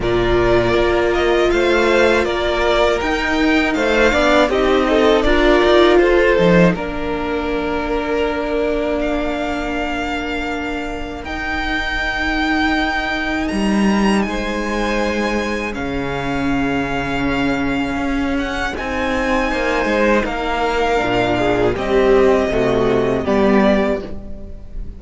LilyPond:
<<
  \new Staff \with { instrumentName = "violin" } { \time 4/4 \tempo 4 = 80 d''4. dis''8 f''4 d''4 | g''4 f''4 dis''4 d''4 | c''4 ais'2. | f''2. g''4~ |
g''2 ais''4 gis''4~ | gis''4 f''2.~ | f''8 fis''8 gis''2 f''4~ | f''4 dis''2 d''4 | }
  \new Staff \with { instrumentName = "violin" } { \time 4/4 ais'2 c''4 ais'4~ | ais'4 c''8 d''8 g'8 a'8 ais'4 | a'4 ais'2.~ | ais'1~ |
ais'2. c''4~ | c''4 gis'2.~ | gis'2 c''4 ais'4~ | ais'8 gis'8 g'4 fis'4 g'4 | }
  \new Staff \with { instrumentName = "viola" } { \time 4/4 f'1 | dis'4. d'8 dis'4 f'4~ | f'8 dis'8 d'2.~ | d'2. dis'4~ |
dis'1~ | dis'4 cis'2.~ | cis'4 dis'2. | d'4 g4 a4 b4 | }
  \new Staff \with { instrumentName = "cello" } { \time 4/4 ais,4 ais4 a4 ais4 | dis'4 a8 b8 c'4 d'8 dis'8 | f'8 f8 ais2.~ | ais2. dis'4~ |
dis'2 g4 gis4~ | gis4 cis2. | cis'4 c'4 ais8 gis8 ais4 | ais,4 c'4 c4 g4 | }
>>